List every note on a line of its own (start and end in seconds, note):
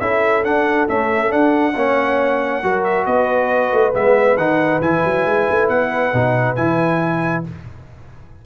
0.00 0.43 C#4
0.00 0.45 E4
0.00 1.74 A4
0.00 0.44 E5
0.43 0.87 D4
0.43 0.88 D4
0.43 0.88 F#5
0.88 1.28 A3
0.88 1.33 C#4
0.88 1.32 E5
1.28 1.72 D4
1.28 1.75 D4
1.28 2.84 F#5
1.74 2.63 A#3
1.74 2.63 C#4
1.74 2.62 C#5
2.63 3.06 F#3
2.63 3.93 F#4
2.63 3.07 A#4
2.84 3.06 E5
3.06 3.72 B3
3.06 7.45 B4
3.06 3.93 D#5
3.72 3.94 A3
3.93 4.37 G#3
3.93 4.37 B3
3.93 4.37 E5
4.37 4.80 D#3
4.37 4.82 D#4
4.37 4.81 F#5
4.81 5.03 E3
4.81 6.13 E4
4.81 5.69 G#5
5.05 5.26 F#3
5.26 5.47 G#3
5.51 5.69 A3
5.69 6.12 B3
5.69 6.56 F#5
6.13 6.57 B2
6.13 6.56 D#4
6.56 7.45 E3
6.56 7.44 E4
6.56 7.43 G#5